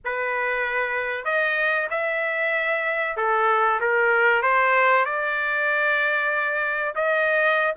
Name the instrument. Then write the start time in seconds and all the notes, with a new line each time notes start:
trumpet
0.04 B4
1.25 D#5
1.90 E5
3.17 A4
3.80 A#4
4.42 C5
5.05 D5
6.95 D#5